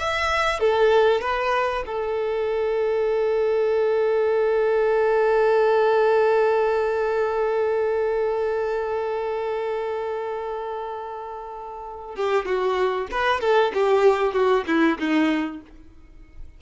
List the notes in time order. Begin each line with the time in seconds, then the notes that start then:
0.00 E5
0.61 A4
1.22 B4
1.87 A4
12.16 G4
12.46 F#4
13.12 B4
13.41 A4
13.74 G4
14.33 F#4
14.68 E4
14.99 D#4